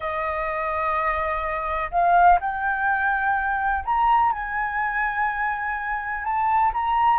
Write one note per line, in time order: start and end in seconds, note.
0.00 1.90 D#5
1.91 2.39 F5
2.40 3.84 G5
3.85 4.32 A#5
4.32 6.24 G#5
6.24 6.72 A5
6.73 7.18 A#5